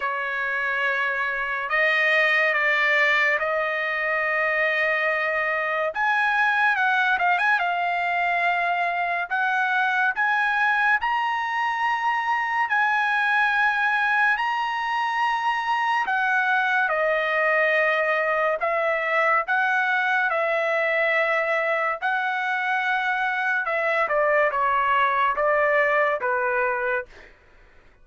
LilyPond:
\new Staff \with { instrumentName = "trumpet" } { \time 4/4 \tempo 4 = 71 cis''2 dis''4 d''4 | dis''2. gis''4 | fis''8 f''16 gis''16 f''2 fis''4 | gis''4 ais''2 gis''4~ |
gis''4 ais''2 fis''4 | dis''2 e''4 fis''4 | e''2 fis''2 | e''8 d''8 cis''4 d''4 b'4 | }